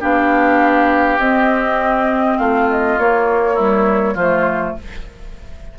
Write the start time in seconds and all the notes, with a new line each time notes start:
0.00 B3 D4 G4 F5
1.18 C4 D#5
2.38 A3 F4 F5
2.71 D#5
2.98 A#3 C#5
3.54 G3 E4
4.15 F3 A3 F4 C5